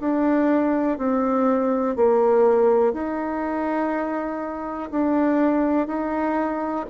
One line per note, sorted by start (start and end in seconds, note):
0.00 0.98 D4
0.98 1.96 C4
1.96 2.94 A#3
2.94 4.90 D#4
4.91 5.87 D4
5.87 6.86 D#4